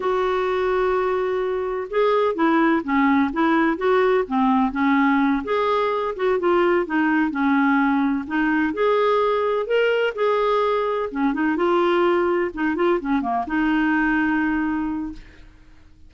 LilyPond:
\new Staff \with { instrumentName = "clarinet" } { \time 4/4 \tempo 4 = 127 fis'1 | gis'4 e'4 cis'4 e'4 | fis'4 c'4 cis'4. gis'8~ | gis'4 fis'8 f'4 dis'4 cis'8~ |
cis'4. dis'4 gis'4.~ | gis'8 ais'4 gis'2 cis'8 | dis'8 f'2 dis'8 f'8 cis'8 | ais8 dis'2.~ dis'8 | }